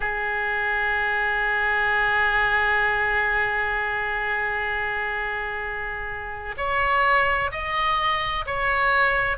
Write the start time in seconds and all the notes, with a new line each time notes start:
0.00 G#4
6.57 C#5
7.51 D#5
8.45 C#5